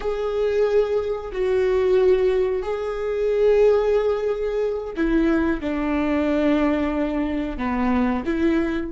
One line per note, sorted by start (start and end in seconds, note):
0.00 1.31 G#4
1.32 2.62 F#4
2.62 4.93 G#4
4.96 5.60 E4
5.60 7.57 D4
7.57 8.23 B3
8.25 8.91 E4